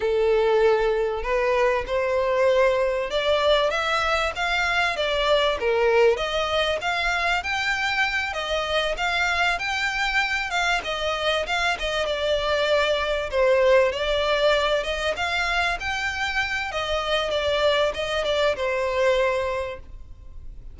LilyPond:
\new Staff \with { instrumentName = "violin" } { \time 4/4 \tempo 4 = 97 a'2 b'4 c''4~ | c''4 d''4 e''4 f''4 | d''4 ais'4 dis''4 f''4 | g''4. dis''4 f''4 g''8~ |
g''4 f''8 dis''4 f''8 dis''8 d''8~ | d''4. c''4 d''4. | dis''8 f''4 g''4. dis''4 | d''4 dis''8 d''8 c''2 | }